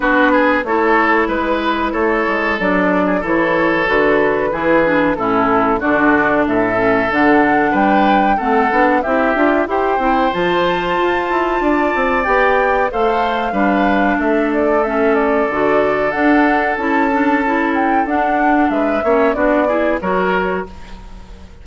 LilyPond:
<<
  \new Staff \with { instrumentName = "flute" } { \time 4/4 \tempo 4 = 93 b'4 cis''4 b'4 cis''4 | d''4 cis''4 b'2 | a'4 d''4 e''4 fis''4 | g''4 fis''4 e''4 g''4 |
a''2. g''4 | f''2 e''8 d''8 e''8 d''8~ | d''4 fis''4 a''4. g''8 | fis''4 e''4 d''4 cis''4 | }
  \new Staff \with { instrumentName = "oboe" } { \time 4/4 fis'8 gis'8 a'4 b'4 a'4~ | a'8. gis'16 a'2 gis'4 | e'4 fis'4 a'2 | b'4 a'4 g'4 c''4~ |
c''2 d''2 | c''4 b'4 a'2~ | a'1~ | a'4 b'8 cis''8 fis'8 gis'8 ais'4 | }
  \new Staff \with { instrumentName = "clarinet" } { \time 4/4 d'4 e'2. | d'4 e'4 fis'4 e'8 d'8 | cis'4 d'4. cis'8 d'4~ | d'4 c'8 d'8 e'8 f'8 g'8 e'8 |
f'2. g'4 | a'4 d'2 cis'4 | fis'4 d'4 e'8 d'8 e'4 | d'4. cis'8 d'8 e'8 fis'4 | }
  \new Staff \with { instrumentName = "bassoon" } { \time 4/4 b4 a4 gis4 a8 gis8 | fis4 e4 d4 e4 | a,4 d4 a,4 d4 | g4 a8 b8 c'8 d'8 e'8 c'8 |
f4 f'8 e'8 d'8 c'8 b4 | a4 g4 a2 | d4 d'4 cis'2 | d'4 gis8 ais8 b4 fis4 | }
>>